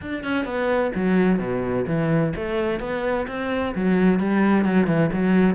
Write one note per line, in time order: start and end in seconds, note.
0.01 0.23 D4
0.23 0.45 C#4
0.45 0.91 B3
0.95 1.38 F#3
1.38 1.85 B2
1.86 2.33 E3
2.36 2.80 A3
2.80 3.26 B3
3.27 3.74 C4
3.75 4.19 F#3
4.19 4.65 G3
4.65 4.86 F#3
4.86 5.10 E3
5.12 5.55 F#3